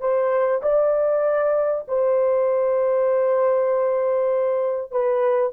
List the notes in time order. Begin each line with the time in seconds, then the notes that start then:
0.00 C5
0.62 D5
1.88 C5
4.91 B4